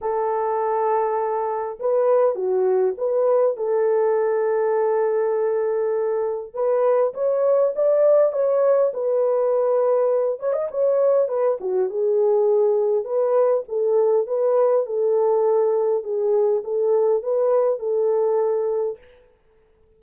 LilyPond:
\new Staff \with { instrumentName = "horn" } { \time 4/4 \tempo 4 = 101 a'2. b'4 | fis'4 b'4 a'2~ | a'2. b'4 | cis''4 d''4 cis''4 b'4~ |
b'4. cis''16 dis''16 cis''4 b'8 fis'8 | gis'2 b'4 a'4 | b'4 a'2 gis'4 | a'4 b'4 a'2 | }